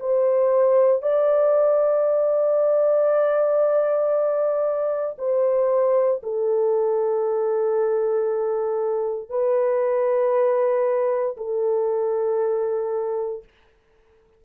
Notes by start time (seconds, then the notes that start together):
0.00 C5
1.03 D5
5.18 C5
6.23 A4
9.30 B4
11.37 A4